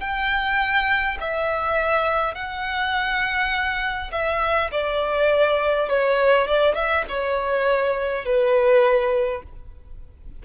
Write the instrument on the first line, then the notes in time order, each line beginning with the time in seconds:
violin
0.00 G5
1.20 E5
2.34 F#5
4.12 E5
4.71 D5
5.89 C#5
6.47 D5
6.75 E5
7.08 C#5
8.25 B4